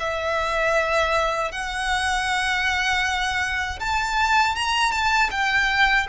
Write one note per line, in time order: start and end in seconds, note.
0.00 1.52 E5
1.52 3.80 F#5
3.80 4.56 A5
4.56 4.92 A#5
4.92 5.30 A5
5.31 6.07 G5